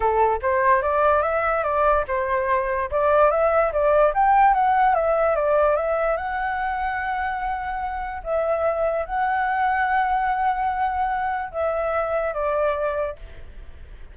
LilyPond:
\new Staff \with { instrumentName = "flute" } { \time 4/4 \tempo 4 = 146 a'4 c''4 d''4 e''4 | d''4 c''2 d''4 | e''4 d''4 g''4 fis''4 | e''4 d''4 e''4 fis''4~ |
fis''1 | e''2 fis''2~ | fis''1 | e''2 d''2 | }